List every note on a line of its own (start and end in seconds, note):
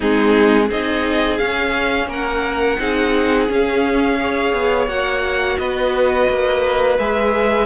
0.00 0.70 G#3
0.00 0.69 C4
0.00 0.67 D#4
0.00 0.70 G#4
0.67 1.40 C4
0.67 1.39 D#4
0.67 2.06 G#4
0.67 1.37 D#5
1.37 2.79 C#4
1.37 2.07 C#4
1.37 2.07 F5
2.07 2.76 A#3
2.07 2.78 A#4
2.07 3.51 F#5
2.78 3.48 C4
2.78 3.48 D#4
2.78 4.19 G#4
3.48 4.18 C#4
3.48 4.53 C#4
3.48 4.88 F5
4.19 4.88 G#4
4.19 5.59 C#5
4.53 4.87 B3
4.87 5.57 A#3
4.87 6.97 F#4
4.87 5.58 F#5
5.58 6.28 B3
5.58 7.66 B4
5.58 6.97 D#5
6.29 6.98 A#3
6.98 7.66 G#3
6.98 7.66 G#4
6.98 7.66 E5